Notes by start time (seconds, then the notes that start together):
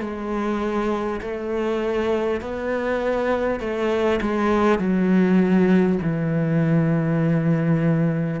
0.00 G#3
1.21 A3
2.41 B3
3.60 A3
4.21 G#3
4.78 F#3
6.02 E3